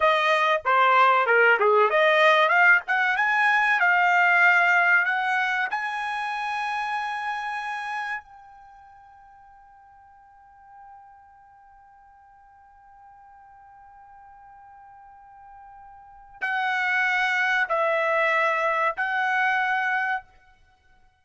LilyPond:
\new Staff \with { instrumentName = "trumpet" } { \time 4/4 \tempo 4 = 95 dis''4 c''4 ais'8 gis'8 dis''4 | f''8 fis''8 gis''4 f''2 | fis''4 gis''2.~ | gis''4 g''2.~ |
g''1~ | g''1~ | g''2 fis''2 | e''2 fis''2 | }